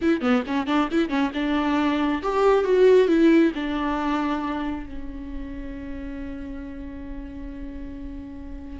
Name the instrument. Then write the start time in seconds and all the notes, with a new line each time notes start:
viola
0.01 E4
0.21 B3
0.47 C#4
0.66 D4
0.91 E4
1.09 C#4
1.34 D4
2.22 G4
2.64 F#4
3.08 E4
3.54 D4
4.85 C#4